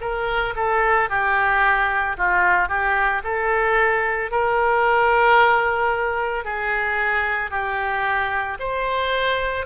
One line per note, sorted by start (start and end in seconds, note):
0.00 0.54 A#4
0.55 1.09 A4
1.09 2.16 G4
2.17 2.68 F4
2.68 3.22 G4
3.23 4.31 A4
4.31 6.44 A#4
6.44 7.50 G#4
7.50 8.58 G4
8.59 9.65 C5